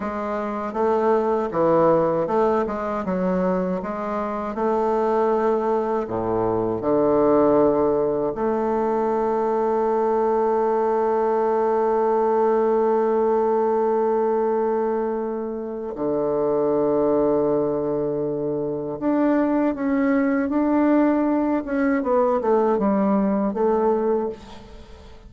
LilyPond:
\new Staff \with { instrumentName = "bassoon" } { \time 4/4 \tempo 4 = 79 gis4 a4 e4 a8 gis8 | fis4 gis4 a2 | a,4 d2 a4~ | a1~ |
a1~ | a4 d2.~ | d4 d'4 cis'4 d'4~ | d'8 cis'8 b8 a8 g4 a4 | }